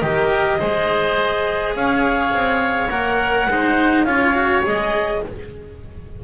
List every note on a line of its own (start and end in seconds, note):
0.00 0.60 D#3
0.00 0.59 G4
0.00 0.59 A#4
0.00 1.73 D#5
0.59 1.75 G#3
0.59 2.89 G#4
0.59 1.75 C5
1.75 2.33 C#4
1.75 3.50 C#5
1.75 2.90 F5
2.34 2.91 C4
2.90 3.47 A#3
2.90 3.49 A#4
2.90 4.04 F#5
3.47 4.04 G#3
3.47 4.07 D#4
3.47 4.07 C5
4.04 4.62 C#4
4.04 4.35 F4
4.04 5.22 C#5
4.04 4.62 F5
4.35 4.63 F#4
4.63 5.24 G#3
4.63 5.21 G#4
4.63 5.24 D#5